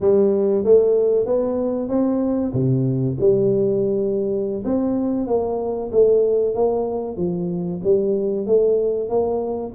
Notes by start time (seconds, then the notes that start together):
0.01 G3
0.64 A3
1.26 B3
1.89 C4
2.53 C3
3.20 G3
4.65 C4
5.27 A#3
5.92 A3
6.54 A#3
7.17 F3
7.84 G3
8.46 A3
9.09 A#3